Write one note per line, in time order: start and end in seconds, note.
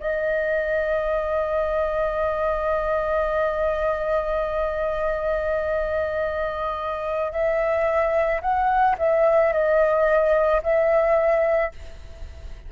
0.00 7.32 D#5
7.32 8.41 E5
8.41 8.96 F#5
8.98 9.53 E5
9.53 10.62 D#5
10.63 11.72 E5